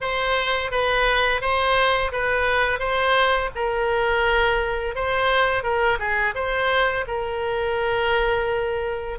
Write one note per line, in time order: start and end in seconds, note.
0.00 0.71 C5
0.71 1.41 B4
1.41 2.11 C5
2.12 2.79 B4
2.79 3.49 C5
3.55 4.95 A#4
4.95 5.63 C5
5.63 5.98 A#4
5.99 6.34 G#4
6.34 7.05 C5
7.07 9.18 A#4